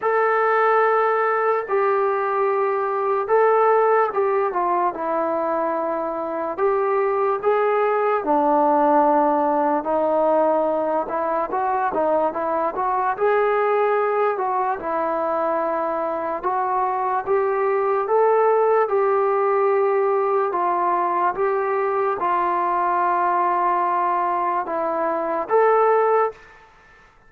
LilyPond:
\new Staff \with { instrumentName = "trombone" } { \time 4/4 \tempo 4 = 73 a'2 g'2 | a'4 g'8 f'8 e'2 | g'4 gis'4 d'2 | dis'4. e'8 fis'8 dis'8 e'8 fis'8 |
gis'4. fis'8 e'2 | fis'4 g'4 a'4 g'4~ | g'4 f'4 g'4 f'4~ | f'2 e'4 a'4 | }